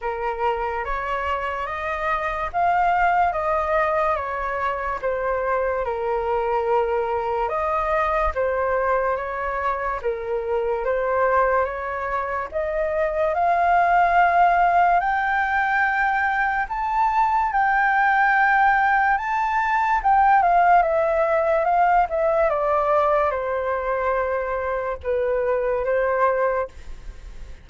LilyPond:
\new Staff \with { instrumentName = "flute" } { \time 4/4 \tempo 4 = 72 ais'4 cis''4 dis''4 f''4 | dis''4 cis''4 c''4 ais'4~ | ais'4 dis''4 c''4 cis''4 | ais'4 c''4 cis''4 dis''4 |
f''2 g''2 | a''4 g''2 a''4 | g''8 f''8 e''4 f''8 e''8 d''4 | c''2 b'4 c''4 | }